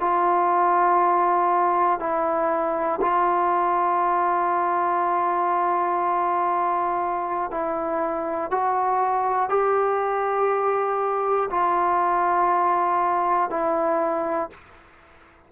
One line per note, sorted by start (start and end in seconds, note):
0.00 2.00 F4
2.00 3.00 E4
3.00 7.50 F4
7.50 8.50 E4
8.50 9.49 F#4
9.49 11.49 G4
11.50 13.50 F4
13.50 14.50 E4